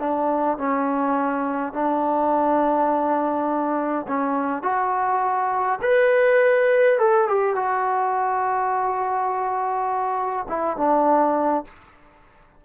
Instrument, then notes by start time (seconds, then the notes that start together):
trombone
0.00 D4
0.58 C#4
1.74 D4
4.08 C#4
4.63 F#4
5.83 B4
6.99 A4
7.28 G4
7.56 F#4
10.49 E4
10.78 D4